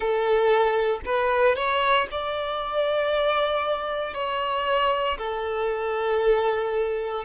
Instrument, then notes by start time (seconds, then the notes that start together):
violin
0.00 A4
1.05 B4
1.55 C#5
2.11 D5
4.14 C#5
5.17 A4